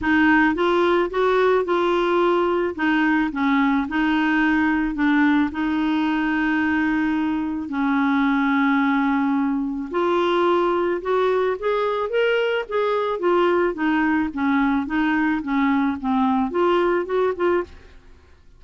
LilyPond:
\new Staff \with { instrumentName = "clarinet" } { \time 4/4 \tempo 4 = 109 dis'4 f'4 fis'4 f'4~ | f'4 dis'4 cis'4 dis'4~ | dis'4 d'4 dis'2~ | dis'2 cis'2~ |
cis'2 f'2 | fis'4 gis'4 ais'4 gis'4 | f'4 dis'4 cis'4 dis'4 | cis'4 c'4 f'4 fis'8 f'8 | }